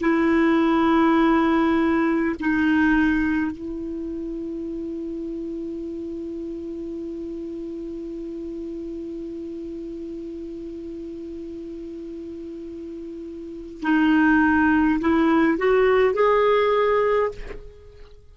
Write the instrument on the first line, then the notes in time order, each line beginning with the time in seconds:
clarinet
0.00 E4
2.40 D#4
3.51 E4
13.82 D#4
15.00 E4
15.58 F#4
16.14 G#4